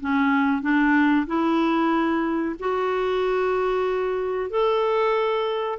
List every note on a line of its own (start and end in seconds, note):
0.00 0.61 C#4
0.61 1.26 D4
1.26 2.55 E4
2.59 4.50 F#4
4.50 5.79 A4